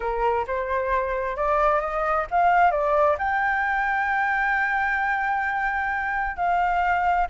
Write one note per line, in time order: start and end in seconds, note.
0.00 0.45 A#4
0.47 1.36 C5
1.36 1.80 D5
1.80 2.26 D#5
2.30 2.71 F5
2.71 3.16 D5
3.18 6.36 G5
6.36 7.27 F5